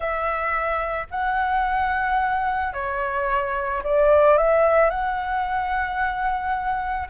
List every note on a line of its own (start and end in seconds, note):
0.00 1.06 E5
1.10 2.73 F#5
2.73 3.82 C#5
3.83 4.37 D5
4.37 4.90 E5
4.90 7.08 F#5